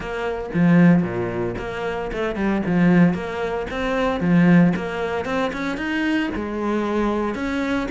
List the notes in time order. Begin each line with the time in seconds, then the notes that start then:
0.00 A#3
0.54 F3
1.02 A#2
1.58 A#3
2.12 A3
2.35 G3
2.66 F3
3.13 A#3
3.70 C4
4.20 F3
4.76 A#3
5.25 C4
5.52 C#4
5.77 D#4
6.35 G#3
7.34 C#4